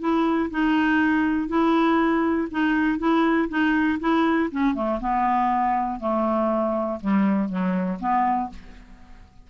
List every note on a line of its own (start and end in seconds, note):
0.00 0.50 E4
0.51 1.49 D#4
1.49 2.49 E4
2.51 2.99 D#4
2.99 3.49 E4
3.50 4.00 D#4
4.00 4.50 E4
4.52 4.75 C#4
4.75 5.00 A3
5.01 6.00 B3
6.00 7.00 A3
7.01 7.50 G3
7.50 8.00 F#3
8.00 8.50 B3